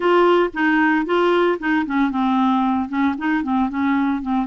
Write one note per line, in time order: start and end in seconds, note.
0.00 0.50 F4
0.53 1.05 D#4
1.05 1.58 F4
1.59 1.85 D#4
1.85 2.11 C#4
2.11 2.88 C4
2.88 3.15 C#4
3.17 3.43 D#4
3.43 3.69 C4
3.69 4.22 C#4
4.22 4.46 C4